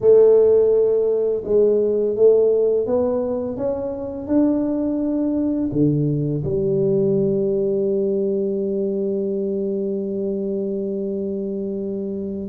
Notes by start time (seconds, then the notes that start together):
0.00 A3
1.44 G#3
2.16 A3
2.86 B3
3.56 C#4
4.27 D4
5.72 D3
6.44 G3